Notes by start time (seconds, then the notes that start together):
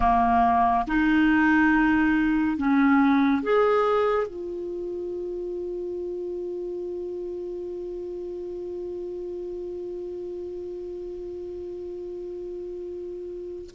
0.00 A#3
0.87 D#4
2.57 C#4
3.42 G#4
4.27 F4